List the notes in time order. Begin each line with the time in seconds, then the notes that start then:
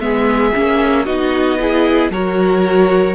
0.00 G#3 B3 G#4 E5
0.55 A#3 C#4
1.06 B3 D#4 F#4 D#5
1.60 E4 G#4
2.10 F#3 F#4 A#4 C#5